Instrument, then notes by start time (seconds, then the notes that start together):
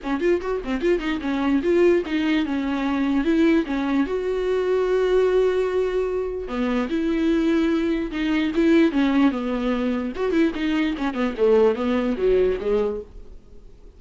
viola
0.03 C#4
0.20 F4
0.41 F#4
0.64 C4
0.81 F4
0.99 D#4
1.21 C#4
1.62 F4
2.06 D#4
2.45 C#4
3.24 E4
3.66 C#4
4.06 F#4
6.48 B3
6.89 E4
8.11 D#4
8.55 E4
8.91 C#4
9.31 B3
10.15 F#4
10.32 E4
10.54 D#4
10.97 C#4
11.14 B3
11.37 A3
11.75 B3
12.17 F#3
12.60 G#3